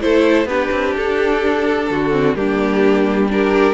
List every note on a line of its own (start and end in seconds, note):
0.00 0.45 A3
0.00 0.47 E4
0.00 0.49 A4
0.00 0.47 C5
0.45 0.68 B3
0.45 2.11 D4
0.45 1.89 G4
0.45 0.95 B4
0.71 0.94 C4
0.96 1.89 D4
0.96 2.34 A4
1.89 2.34 D3
1.89 2.37 F#4
2.11 2.34 C4
2.34 3.73 G3
2.34 3.29 A#3
2.34 3.31 D4
2.34 3.28 G4
3.29 3.73 D4
3.29 3.73 G4
3.29 3.73 A#4